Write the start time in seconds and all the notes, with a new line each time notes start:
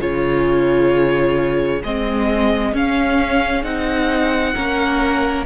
0.00 C#3 F4 G#4 C#5
1.84 G#3 C4 D#5
2.73 C#4 F5
3.64 C4 D#4 F#5
4.55 A#3 C#4 A#4